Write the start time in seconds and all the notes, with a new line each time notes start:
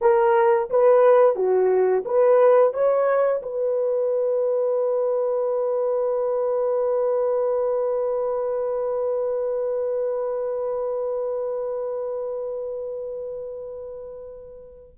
0.01 A#4
0.70 B4
1.35 F#4
2.05 B4
2.73 C#5
3.42 B4